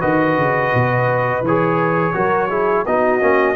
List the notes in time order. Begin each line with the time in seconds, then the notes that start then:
0.00 D#3 F#4 B4 D#5
0.37 C#3
0.74 B2
1.40 E3 C#5
1.47 G#4
2.13 F#3 F#4 A#4
2.49 E4 G#4
2.85 B3 D#4 F#4 D#5
3.20 A#3 C#4